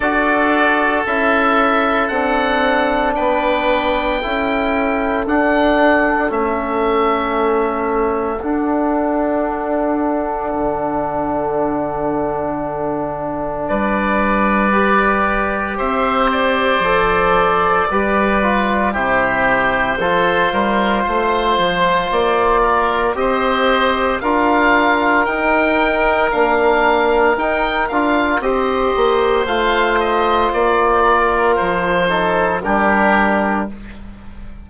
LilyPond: <<
  \new Staff \with { instrumentName = "oboe" } { \time 4/4 \tempo 4 = 57 d''4 e''4 fis''4 g''4~ | g''4 fis''4 e''2 | fis''1~ | fis''4 d''2 e''8 d''8~ |
d''2 c''2~ | c''4 d''4 dis''4 f''4 | g''4 f''4 g''8 f''8 dis''4 | f''8 dis''8 d''4 c''4 ais'4 | }
  \new Staff \with { instrumentName = "oboe" } { \time 4/4 a'2. b'4 | a'1~ | a'1~ | a'4 b'2 c''4~ |
c''4 b'4 g'4 a'8 ais'8 | c''4. ais'8 c''4 ais'4~ | ais'2. c''4~ | c''4. ais'4 a'8 g'4 | }
  \new Staff \with { instrumentName = "trombone" } { \time 4/4 fis'4 e'4 d'2 | e'4 d'4 cis'2 | d'1~ | d'2 g'2 |
a'4 g'8 f'8 e'4 f'4~ | f'2 g'4 f'4 | dis'4 d'4 dis'8 f'8 g'4 | f'2~ f'8 dis'8 d'4 | }
  \new Staff \with { instrumentName = "bassoon" } { \time 4/4 d'4 cis'4 c'4 b4 | cis'4 d'4 a2 | d'2 d2~ | d4 g2 c'4 |
f4 g4 c4 f8 g8 | a8 f8 ais4 c'4 d'4 | dis'4 ais4 dis'8 d'8 c'8 ais8 | a4 ais4 f4 g4 | }
>>